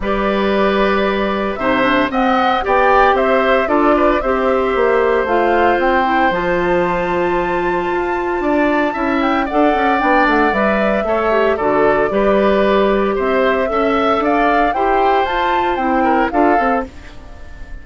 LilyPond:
<<
  \new Staff \with { instrumentName = "flute" } { \time 4/4 \tempo 4 = 114 d''2. e''4 | fis''4 g''4 e''4 d''4 | e''2 f''4 g''4 | a''1~ |
a''4. g''8 fis''4 g''8 fis''8 | e''2 d''2~ | d''4 e''2 f''4 | g''4 a''4 g''4 f''4 | }
  \new Staff \with { instrumentName = "oboe" } { \time 4/4 b'2. c''4 | dis''4 d''4 c''4 a'8 b'8 | c''1~ | c''1 |
d''4 e''4 d''2~ | d''4 cis''4 a'4 b'4~ | b'4 c''4 e''4 d''4 | c''2~ c''8 ais'8 a'4 | }
  \new Staff \with { instrumentName = "clarinet" } { \time 4/4 g'2. dis'8 d'8 | c'4 g'2 f'4 | g'2 f'4. e'8 | f'1~ |
f'4 e'4 a'4 d'4 | b'4 a'8 g'8 fis'4 g'4~ | g'2 a'2 | g'4 f'4 e'4 f'8 a'8 | }
  \new Staff \with { instrumentName = "bassoon" } { \time 4/4 g2. c4 | c'4 b4 c'4 d'4 | c'4 ais4 a4 c'4 | f2. f'4 |
d'4 cis'4 d'8 cis'8 b8 a8 | g4 a4 d4 g4~ | g4 c'4 cis'4 d'4 | e'4 f'4 c'4 d'8 c'8 | }
>>